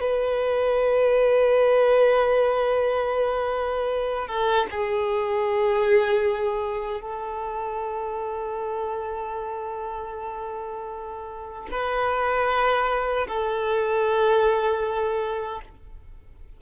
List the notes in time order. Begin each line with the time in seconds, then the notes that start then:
0.00 B4
4.27 A4
4.70 G#4
7.01 A4
11.71 B4
13.27 A4